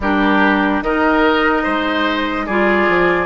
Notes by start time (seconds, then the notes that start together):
0.00 G3 D4 G4 A#4
0.81 D#3 D#4 A#4 D#5
1.63 G#3 C5
2.46 G3 F4 G#4 D5
2.88 F3